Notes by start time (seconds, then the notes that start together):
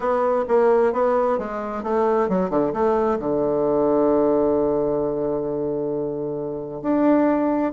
0.00 B3
0.48 A#3
0.92 B3
1.38 G#3
1.83 A3
2.28 F#3
2.50 D3
2.73 A3
3.19 D3
6.81 D4